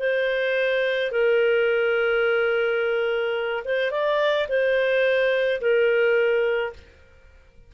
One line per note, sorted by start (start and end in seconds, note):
0.00 1.12 C5
1.12 3.64 A#4
3.65 3.92 C5
3.92 4.48 D5
4.49 5.61 C5
5.62 6.74 A#4